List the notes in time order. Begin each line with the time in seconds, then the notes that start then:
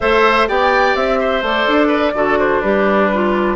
0.00 A3 A4 C5 E5
0.47 B3 G4 D5 G5
0.95 C4 E5
1.20 C5
1.42 A3 A4 D5
1.67 D4
1.87 B4
2.14 D3 F#4 A4
2.38 D4 C5
2.61 G3 G4 B4
3.13 F4